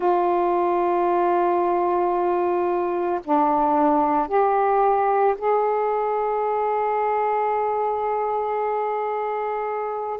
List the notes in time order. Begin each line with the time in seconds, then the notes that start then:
0.00 F4
3.24 D4
4.28 G4
5.38 G#4